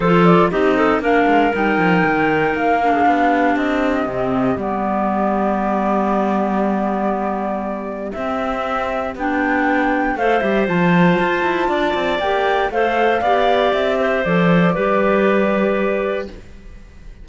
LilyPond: <<
  \new Staff \with { instrumentName = "flute" } { \time 4/4 \tempo 4 = 118 c''8 d''8 dis''4 f''4 g''4~ | g''4 f''2 dis''4~ | dis''4 d''2.~ | d''1 |
e''2 g''2 | f''8 e''8 a''2. | g''4 f''2 e''4 | d''1 | }
  \new Staff \with { instrumentName = "clarinet" } { \time 4/4 a'4 g'8 a'8 ais'2~ | ais'4.~ ais'16 gis'16 g'2~ | g'1~ | g'1~ |
g'1 | c''2. d''4~ | d''4 c''4 d''4. c''8~ | c''4 b'2. | }
  \new Staff \with { instrumentName = "clarinet" } { \time 4/4 f'4 dis'4 d'4 dis'4~ | dis'4. d'2~ d'8 | c'4 b2.~ | b1 |
c'2 d'2 | a'8 g'8 f'2. | g'4 a'4 g'2 | a'4 g'2. | }
  \new Staff \with { instrumentName = "cello" } { \time 4/4 f4 c'4 ais8 gis8 g8 f8 | dis4 ais4 b4 c'4 | c4 g2.~ | g1 |
c'2 b2 | a8 g8 f4 f'8 e'8 d'8 c'8 | ais4 a4 b4 c'4 | f4 g2. | }
>>